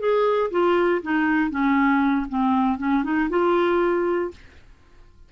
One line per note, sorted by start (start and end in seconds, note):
0.00 0.51 G#4
0.51 1.02 F4
1.03 1.51 D#4
1.51 2.27 C#4
2.30 2.79 C4
2.79 3.04 C#4
3.04 3.30 D#4
3.30 4.32 F4